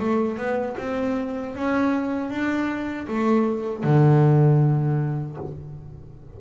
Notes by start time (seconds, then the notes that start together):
0.00 A3
0.38 B3
0.79 C4
1.56 C#4
2.30 D4
3.08 A3
3.84 D3